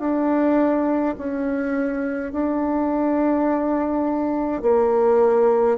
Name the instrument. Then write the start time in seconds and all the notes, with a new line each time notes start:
bassoon
0.00 D4
1.17 C#4
2.33 D4
4.63 A#3